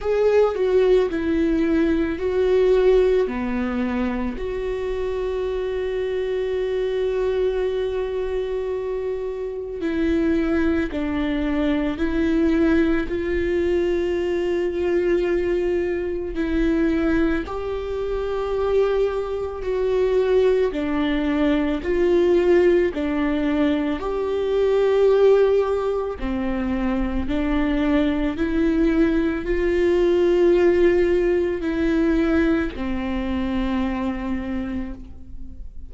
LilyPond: \new Staff \with { instrumentName = "viola" } { \time 4/4 \tempo 4 = 55 gis'8 fis'8 e'4 fis'4 b4 | fis'1~ | fis'4 e'4 d'4 e'4 | f'2. e'4 |
g'2 fis'4 d'4 | f'4 d'4 g'2 | c'4 d'4 e'4 f'4~ | f'4 e'4 c'2 | }